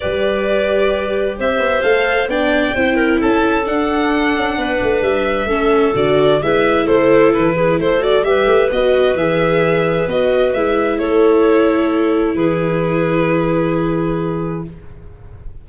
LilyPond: <<
  \new Staff \with { instrumentName = "violin" } { \time 4/4 \tempo 4 = 131 d''2. e''4 | f''4 g''2 a''4 | fis''2. e''4~ | e''4 d''4 e''4 c''4 |
b'4 c''8 d''8 e''4 dis''4 | e''2 dis''4 e''4 | cis''2. b'4~ | b'1 | }
  \new Staff \with { instrumentName = "clarinet" } { \time 4/4 b'2. c''4~ | c''4 d''4 c''8 ais'8 a'4~ | a'2 b'2 | a'2 b'4 a'4~ |
a'8 gis'8 a'4 b'2~ | b'1 | a'2. gis'4~ | gis'1 | }
  \new Staff \with { instrumentName = "viola" } { \time 4/4 g'1 | a'4 d'4 e'2 | d'1 | cis'4 fis'4 e'2~ |
e'4. fis'8 g'4 fis'4 | gis'2 fis'4 e'4~ | e'1~ | e'1 | }
  \new Staff \with { instrumentName = "tuba" } { \time 4/4 g2. c'8 b8 | a4 b4 c'4 cis'4 | d'4. cis'8 b8 a8 g4 | a4 d4 gis4 a4 |
e4 a4 g8 a8 b4 | e2 b4 gis4 | a2. e4~ | e1 | }
>>